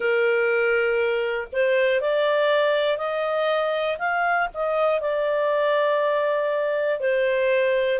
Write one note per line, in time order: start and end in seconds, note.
0.00 1.47 A#4
1.52 2.00 C5
2.00 2.97 D5
2.97 3.97 D#5
3.98 4.48 F5
4.54 5.00 D#5
5.00 7.00 D5
7.00 7.99 C5